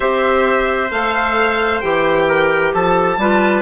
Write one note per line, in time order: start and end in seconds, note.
0.00 0.90 C4
0.00 0.89 G4
0.00 2.27 C5
0.00 0.91 E5
0.91 1.82 A3
0.91 1.81 A4
0.91 1.80 F5
1.80 2.73 E3
1.80 3.18 G4
1.80 2.71 G5
2.27 2.73 A#4
2.73 3.17 F3
2.73 3.19 A4
2.73 3.61 A5
3.17 3.61 G3
3.17 3.61 F4
3.17 3.61 B4